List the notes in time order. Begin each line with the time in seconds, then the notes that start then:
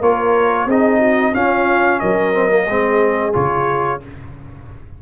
0.00 A#3 F4 A#4 C#5
0.66 C4 D#4 G#4 D#5
0.99 F#4
1.33 C#4 F4 F5
2.00 F#3 A#4 D#5
2.33 C4
2.49 A#3
2.67 G#3 C4 G#4
3.33 C#3 F4 C#5